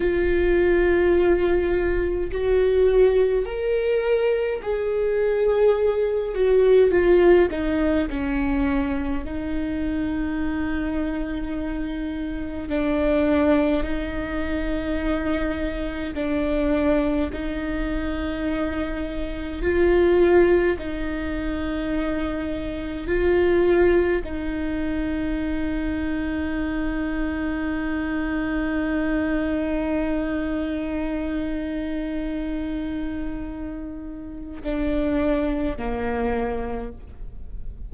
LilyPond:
\new Staff \with { instrumentName = "viola" } { \time 4/4 \tempo 4 = 52 f'2 fis'4 ais'4 | gis'4. fis'8 f'8 dis'8 cis'4 | dis'2. d'4 | dis'2 d'4 dis'4~ |
dis'4 f'4 dis'2 | f'4 dis'2.~ | dis'1~ | dis'2 d'4 ais4 | }